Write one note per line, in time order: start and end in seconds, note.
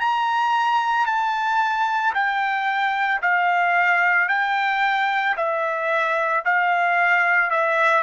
0.00 1.06 A#5
1.06 2.13 A5
2.14 3.21 G5
3.22 4.29 F5
4.29 5.36 G5
5.37 6.44 E5
6.45 7.50 F5
7.50 8.03 E5